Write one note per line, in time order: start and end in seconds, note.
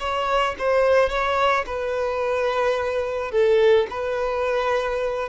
0.00 0.56 C#5
0.59 1.09 C5
1.09 1.65 C#5
1.66 3.32 B4
3.32 3.87 A4
3.90 5.29 B4